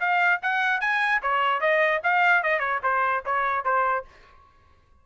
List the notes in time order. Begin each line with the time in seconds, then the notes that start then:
0.00 F5
0.43 F#5
0.81 G#5
1.22 C#5
1.61 D#5
2.04 F5
2.43 D#5
2.60 C#5
2.83 C5
3.26 C#5
3.65 C5